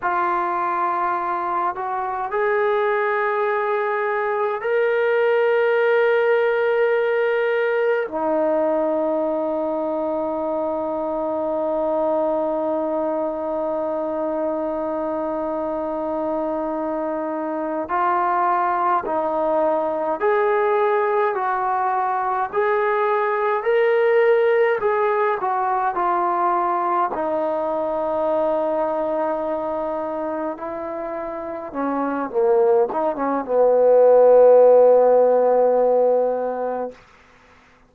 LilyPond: \new Staff \with { instrumentName = "trombone" } { \time 4/4 \tempo 4 = 52 f'4. fis'8 gis'2 | ais'2. dis'4~ | dis'1~ | dis'2.~ dis'8 f'8~ |
f'8 dis'4 gis'4 fis'4 gis'8~ | gis'8 ais'4 gis'8 fis'8 f'4 dis'8~ | dis'2~ dis'8 e'4 cis'8 | ais8 dis'16 cis'16 b2. | }